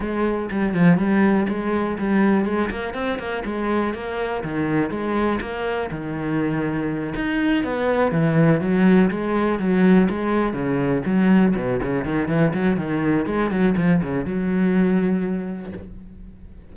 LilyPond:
\new Staff \with { instrumentName = "cello" } { \time 4/4 \tempo 4 = 122 gis4 g8 f8 g4 gis4 | g4 gis8 ais8 c'8 ais8 gis4 | ais4 dis4 gis4 ais4 | dis2~ dis8 dis'4 b8~ |
b8 e4 fis4 gis4 fis8~ | fis8 gis4 cis4 fis4 b,8 | cis8 dis8 e8 fis8 dis4 gis8 fis8 | f8 cis8 fis2. | }